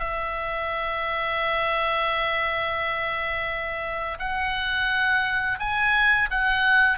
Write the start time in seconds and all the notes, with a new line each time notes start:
0.00 E5
4.20 F#5
5.60 G#5
6.31 F#5